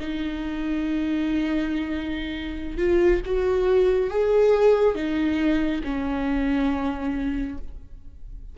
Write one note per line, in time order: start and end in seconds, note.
0.00 2.78 D#4
2.78 3.22 F4
3.26 4.11 F#4
4.11 4.96 G#4
4.96 5.83 D#4
5.85 7.58 C#4